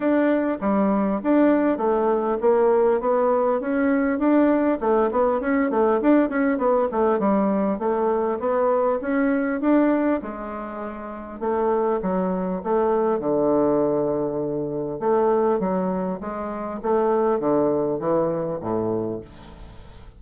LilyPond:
\new Staff \with { instrumentName = "bassoon" } { \time 4/4 \tempo 4 = 100 d'4 g4 d'4 a4 | ais4 b4 cis'4 d'4 | a8 b8 cis'8 a8 d'8 cis'8 b8 a8 | g4 a4 b4 cis'4 |
d'4 gis2 a4 | fis4 a4 d2~ | d4 a4 fis4 gis4 | a4 d4 e4 a,4 | }